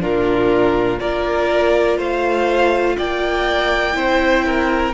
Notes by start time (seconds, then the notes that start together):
0.00 A#2 D4 F4 A#4
1.00 A#3 F4 A#4 D5
1.98 A3 C5 F5
2.98 A#3 D5 G5
3.93 C4 E4 C5
4.46 A#4